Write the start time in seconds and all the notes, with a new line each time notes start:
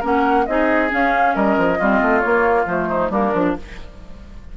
0.00 A#3 C#4 A#4 F#5
0.46 C4 D#4 G#4 D#5
0.90 C#4 F5
1.35 G3 A#4 D#5
1.57 F3
1.79 G3 C4 F4
2.02 A3
2.20 A#3 C#5
2.66 F3 A3 C5
2.89 D#4
3.10 G3 A#3 D4 A#4
3.34 F3 D4